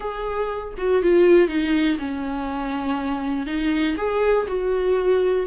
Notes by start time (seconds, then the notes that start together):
0.00 G#4
0.77 F#4
1.02 F4
1.48 D#4
1.98 C#4
3.46 D#4
3.97 G#4
4.47 F#4